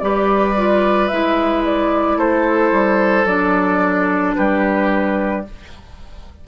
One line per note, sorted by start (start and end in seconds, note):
0.00 1.11 G3
0.00 0.56 G4
0.00 2.19 B4
0.00 1.08 D5
0.57 1.12 F4
1.08 2.17 G#3
1.08 3.27 E4
1.08 1.63 E5
1.66 2.20 D5
2.17 2.71 A3
2.17 4.37 A4
2.17 3.26 C5
2.72 3.25 G3
3.25 4.35 F#3
3.25 5.46 D4
3.25 4.35 D5
4.36 5.48 G3
4.36 5.46 G4
4.36 5.45 B4